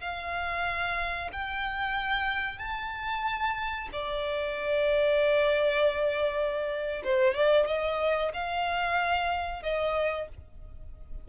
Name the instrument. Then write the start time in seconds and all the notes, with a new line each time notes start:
violin
0.00 F5
1.32 G5
2.58 A5
3.92 D5
7.04 C5
7.34 D5
7.67 D#5
8.33 F5
9.63 D#5